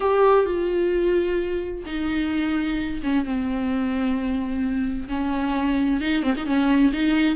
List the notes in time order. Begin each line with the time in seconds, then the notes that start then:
0.00 G4
0.45 F4
1.85 D#4
3.03 C#4
3.25 C4
5.08 C#4
6.01 D#4
6.22 C4
6.37 D#4
6.46 C#4
6.92 D#4